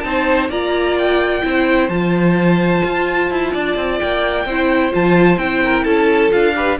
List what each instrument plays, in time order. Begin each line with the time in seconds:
0.00 cello C4, viola D#4, violin C5 A5
0.49 cello A#3, viola F4, violin D5 A#5
0.98 violin G5
1.42 cello C4, viola E4, violin C5
1.88 cello F3, viola F4, violin A5
2.84 cello F4
3.30 cello E4
3.53 cello D4, violin D5
3.76 cello C4
3.99 cello A#3, violin G5
4.45 cello C4, viola E4, violin C5
4.91 cello F3, viola F4, violin A5
5.37 cello C4, viola E4, violin G5
5.64 violin A#4
5.84 cello C#4, violin A4 A5
6.30 cello D4, viola F4, violin F5
6.55 viola G4, violin B4